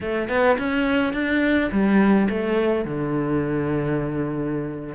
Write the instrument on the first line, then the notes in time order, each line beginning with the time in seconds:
cello
0.00 A3
0.28 B3
0.58 C#4
1.13 D4
1.71 G3
2.29 A3
2.85 D3